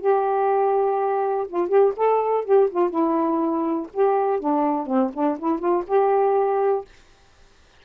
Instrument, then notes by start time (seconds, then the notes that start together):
saxophone
0.00 G4
1.48 F4
1.68 G4
1.96 A4
2.44 G4
2.70 F4
2.90 E4
3.93 G4
4.39 D4
4.86 C4
5.13 D4
5.38 E4
5.59 F4
5.87 G4